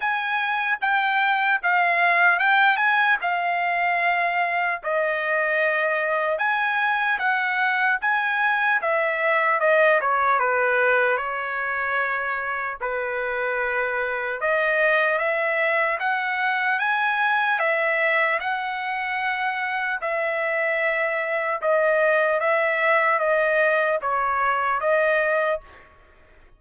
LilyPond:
\new Staff \with { instrumentName = "trumpet" } { \time 4/4 \tempo 4 = 75 gis''4 g''4 f''4 g''8 gis''8 | f''2 dis''2 | gis''4 fis''4 gis''4 e''4 | dis''8 cis''8 b'4 cis''2 |
b'2 dis''4 e''4 | fis''4 gis''4 e''4 fis''4~ | fis''4 e''2 dis''4 | e''4 dis''4 cis''4 dis''4 | }